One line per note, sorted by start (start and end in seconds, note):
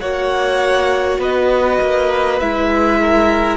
0.00 1.18 A#3
0.00 2.41 F#4
0.00 1.20 C#5
0.00 1.20 F#5
1.18 1.78 B3
1.18 2.99 B4
1.18 2.39 D#5
1.80 2.41 A#3
2.39 3.56 G#3
2.39 3.56 E4
2.39 3.56 E5
2.99 3.56 A#4